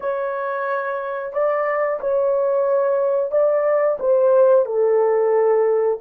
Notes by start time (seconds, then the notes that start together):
0.00 C#5
1.32 D5
2.00 C#5
3.31 D5
3.99 C5
4.65 A4